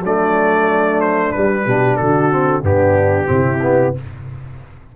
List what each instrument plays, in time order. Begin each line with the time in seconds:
0.00 tuba F#3, trombone A3, horn D4, trumpet D5
1.00 trumpet C5
1.32 trombone G3, tuba G3, trumpet B4
1.65 tuba B2, trombone D4, horn G4
1.96 tuba D3, horn F#4, trumpet A4
2.31 trombone C4
2.62 tuba G2, trombone B3, horn D4, trumpet G4
3.25 tuba C3, trombone C4, horn E4
3.62 trombone B3